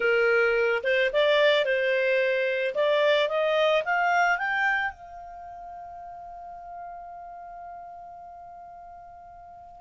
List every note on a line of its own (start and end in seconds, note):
0.00 0.82 A#4
0.83 1.10 C5
1.13 1.65 D5
1.65 2.74 C5
2.74 3.29 D5
3.29 3.83 D#5
3.85 4.38 F5
4.38 4.91 G5
4.91 9.81 F5